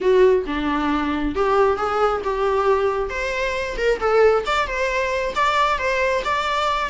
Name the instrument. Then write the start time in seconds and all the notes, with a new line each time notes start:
viola
0.00 F#4
0.46 D4
1.35 G4
1.77 G#4
2.23 G4
3.09 C5
3.77 A#4
4.00 A4
4.46 D5
4.67 C5
5.35 D5
5.78 C5
6.24 D5